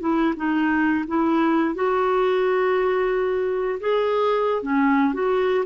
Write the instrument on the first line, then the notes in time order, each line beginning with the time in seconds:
clarinet
0.00 E4
0.37 D#4
1.08 E4
1.75 F#4
3.80 G#4
4.63 C#4
5.14 F#4